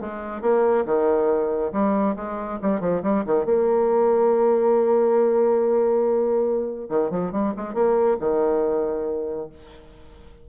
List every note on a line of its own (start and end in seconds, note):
0.00 0.42 G#3
0.42 0.85 A#3
0.85 1.71 D#3
1.72 2.15 G3
2.16 2.59 G#3
2.62 2.80 G3
2.80 3.02 F3
3.03 3.24 G3
3.26 3.45 D#3
3.45 6.89 A#3
6.89 7.10 D#3
7.10 7.32 F3
7.32 7.53 G3
7.56 7.74 G#3
7.74 8.17 A#3
8.20 9.49 D#3